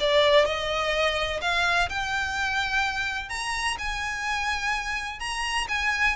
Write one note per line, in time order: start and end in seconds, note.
0.00 0.45 D5
0.45 1.40 D#5
1.41 1.89 F5
1.89 3.29 G5
3.29 3.77 A#5
3.78 5.19 G#5
5.19 5.67 A#5
5.68 6.16 G#5